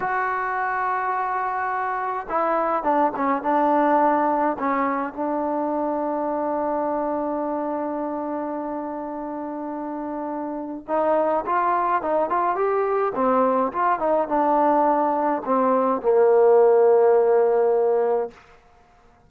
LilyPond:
\new Staff \with { instrumentName = "trombone" } { \time 4/4 \tempo 4 = 105 fis'1 | e'4 d'8 cis'8 d'2 | cis'4 d'2.~ | d'1~ |
d'2. dis'4 | f'4 dis'8 f'8 g'4 c'4 | f'8 dis'8 d'2 c'4 | ais1 | }